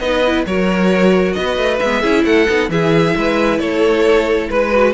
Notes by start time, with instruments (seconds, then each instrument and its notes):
0.00 cello B3, viola D#4, violin B4 D#5
0.27 viola E4
0.46 cello F#3, viola F#4, violin A#4 C#5
1.33 cello B3, violin D#5
1.41 violin B4
1.57 cello A3
1.80 cello G#3, viola B3, violin E5
2.01 cello C#4, viola E4, violin G#4
2.25 cello A3, violin A4 F#5
2.49 cello B3, viola D#4
2.69 cello E3, viola E4, violin G#4 E5
3.16 cello G#3, violin B4
3.59 cello A3, violin A4 C#5
4.50 cello G#3, violin B4
4.72 viola F#4